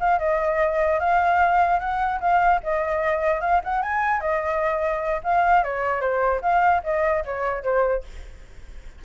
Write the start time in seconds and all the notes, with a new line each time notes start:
0.00 F5
0.19 D#5
1.00 F5
1.79 F#5
2.20 F5
2.63 D#5
3.41 F5
3.64 F#5
3.82 G#5
4.21 D#5
5.23 F5
5.64 C#5
6.01 C5
6.42 F5
6.84 D#5
7.25 C#5
7.63 C5